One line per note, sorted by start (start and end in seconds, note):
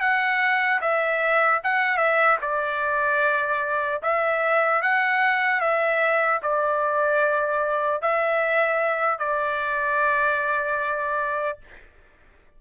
0.00 0.80 F#5
0.81 1.61 E5
1.63 1.97 F#5
1.97 2.37 E5
2.41 4.01 D5
4.02 4.82 E5
4.82 5.60 F#5
5.60 6.40 E5
6.42 8.01 D5
8.01 9.18 E5
9.18 11.58 D5